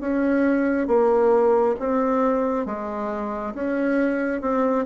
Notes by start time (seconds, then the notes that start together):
0.00 C#4
0.87 A#3
1.79 C4
2.66 G#3
3.54 C#4
4.41 C4